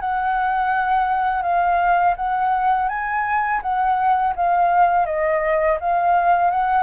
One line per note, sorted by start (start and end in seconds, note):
0.00 1.42 F#5
1.42 2.15 F5
2.16 2.88 F#5
2.88 3.61 G#5
3.62 4.34 F#5
4.36 5.06 F5
5.06 5.78 D#5
5.80 6.50 F5
6.50 6.83 F#5